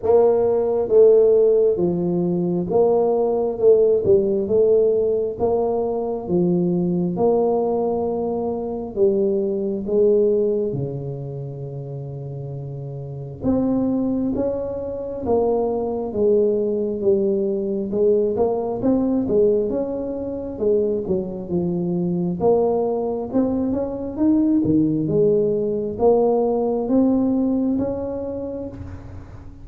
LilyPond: \new Staff \with { instrumentName = "tuba" } { \time 4/4 \tempo 4 = 67 ais4 a4 f4 ais4 | a8 g8 a4 ais4 f4 | ais2 g4 gis4 | cis2. c'4 |
cis'4 ais4 gis4 g4 | gis8 ais8 c'8 gis8 cis'4 gis8 fis8 | f4 ais4 c'8 cis'8 dis'8 dis8 | gis4 ais4 c'4 cis'4 | }